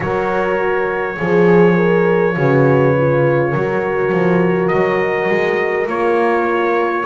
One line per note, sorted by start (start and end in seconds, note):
0.00 1.17 F#3
0.00 1.18 F#4
0.00 1.17 A#4
0.00 4.68 C#5
1.17 2.36 F3
1.17 1.76 G#4
1.17 2.35 G#4
1.76 2.35 A#4
2.35 3.54 C#3
2.35 2.94 F#4
2.35 3.50 B4
2.97 3.56 F4
3.50 4.12 F#3
3.50 5.87 F#4
3.50 7.03 A#4
4.12 4.71 F3
4.68 5.28 F#3
4.68 5.85 D#5
5.28 5.86 G#3
5.86 7.04 A#3
5.86 7.04 F4
5.86 7.05 C#5